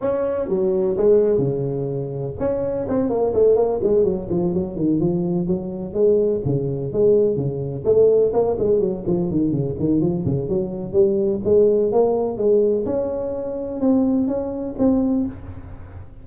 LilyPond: \new Staff \with { instrumentName = "tuba" } { \time 4/4 \tempo 4 = 126 cis'4 fis4 gis4 cis4~ | cis4 cis'4 c'8 ais8 a8 ais8 | gis8 fis8 f8 fis8 dis8 f4 fis8~ | fis8 gis4 cis4 gis4 cis8~ |
cis8 a4 ais8 gis8 fis8 f8 dis8 | cis8 dis8 f8 cis8 fis4 g4 | gis4 ais4 gis4 cis'4~ | cis'4 c'4 cis'4 c'4 | }